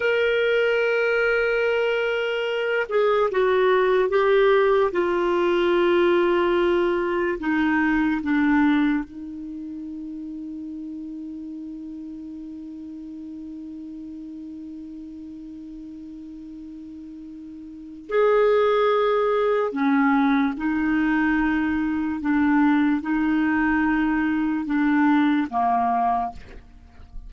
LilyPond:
\new Staff \with { instrumentName = "clarinet" } { \time 4/4 \tempo 4 = 73 ais'2.~ ais'8 gis'8 | fis'4 g'4 f'2~ | f'4 dis'4 d'4 dis'4~ | dis'1~ |
dis'1~ | dis'2 gis'2 | cis'4 dis'2 d'4 | dis'2 d'4 ais4 | }